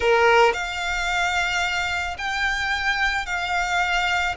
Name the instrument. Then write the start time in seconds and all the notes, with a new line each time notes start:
violin
0.00 A#4
0.53 F5
2.18 G5
3.26 F5